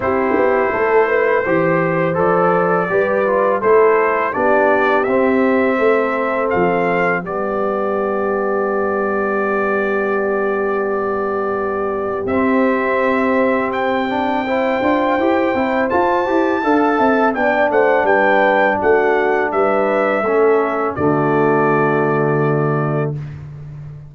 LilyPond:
<<
  \new Staff \with { instrumentName = "trumpet" } { \time 4/4 \tempo 4 = 83 c''2. d''4~ | d''4 c''4 d''4 e''4~ | e''4 f''4 d''2~ | d''1~ |
d''4 e''2 g''4~ | g''2 a''2 | g''8 fis''8 g''4 fis''4 e''4~ | e''4 d''2. | }
  \new Staff \with { instrumentName = "horn" } { \time 4/4 g'4 a'8 b'8 c''2 | b'4 a'4 g'2 | a'2 g'2~ | g'1~ |
g'1 | c''2. f''8 e''8 | d''8 c''8 b'4 fis'4 b'4 | a'4 fis'2. | }
  \new Staff \with { instrumentName = "trombone" } { \time 4/4 e'2 g'4 a'4 | g'8 f'8 e'4 d'4 c'4~ | c'2 b2~ | b1~ |
b4 c'2~ c'8 d'8 | e'8 f'8 g'8 e'8 f'8 g'8 a'4 | d'1 | cis'4 a2. | }
  \new Staff \with { instrumentName = "tuba" } { \time 4/4 c'8 b8 a4 e4 f4 | g4 a4 b4 c'4 | a4 f4 g2~ | g1~ |
g4 c'2.~ | c'8 d'8 e'8 c'8 f'8 e'8 d'8 c'8 | b8 a8 g4 a4 g4 | a4 d2. | }
>>